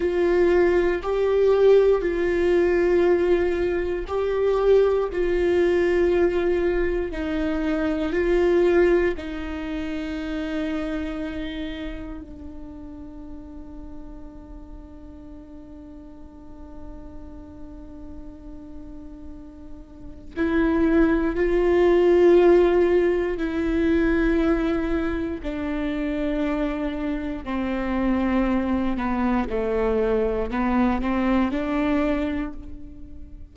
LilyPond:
\new Staff \with { instrumentName = "viola" } { \time 4/4 \tempo 4 = 59 f'4 g'4 f'2 | g'4 f'2 dis'4 | f'4 dis'2. | d'1~ |
d'1 | e'4 f'2 e'4~ | e'4 d'2 c'4~ | c'8 b8 a4 b8 c'8 d'4 | }